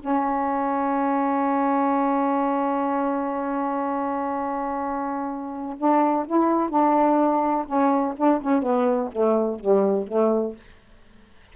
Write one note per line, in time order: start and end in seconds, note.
0.00 5.76 C#4
5.78 6.26 D4
6.27 6.70 E4
6.70 7.66 D4
7.66 8.14 C#4
8.17 8.41 D4
8.42 8.62 C#4
8.62 9.10 B3
9.12 9.60 A3
9.60 10.08 G3
10.08 10.56 A3